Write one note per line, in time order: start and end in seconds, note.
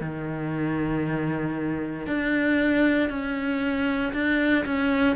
0.00 2.06 D#3
2.06 3.09 D4
3.09 4.12 C#4
4.13 4.65 D4
4.65 5.16 C#4